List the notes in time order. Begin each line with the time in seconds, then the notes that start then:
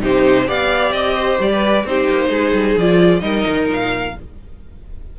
0.00 C3 D#4 G4 C5
0.47 B3 G4 D5 F5
0.92 C4 D#5
1.15 C5
1.39 G3 D5
1.52 B4
1.85 C4 D#4 G4 C5
2.09 A#3
2.29 G#3 G#4
2.53 G3
2.77 F3 F4 D5
3.20 G3 D#4 A#4 D#5
3.47 D#3
3.68 A#2 F5